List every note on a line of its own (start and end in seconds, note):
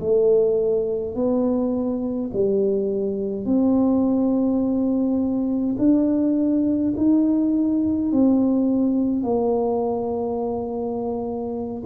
0.00 1.15 A3
1.15 2.30 B3
2.33 3.45 G3
3.45 5.76 C4
5.78 6.93 D4
6.97 8.12 D#4
8.12 9.23 C4
9.23 11.83 A#3